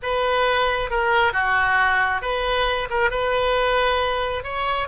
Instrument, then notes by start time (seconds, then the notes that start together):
oboe
0.02 B4
0.90 A#4
1.32 F#4
2.21 B4
2.89 A#4
3.10 B4
4.43 C#5